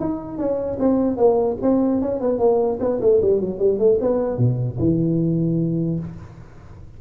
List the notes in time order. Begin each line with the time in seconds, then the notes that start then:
0.00 D#4
0.38 C#4
0.79 C4
1.17 A#3
1.62 C4
2.01 C#4
2.20 B3
2.39 A#3
2.80 B3
3.01 A3
3.21 G3
3.40 F#3
3.59 G3
3.79 A3
4.01 B3
4.38 B2
4.79 E3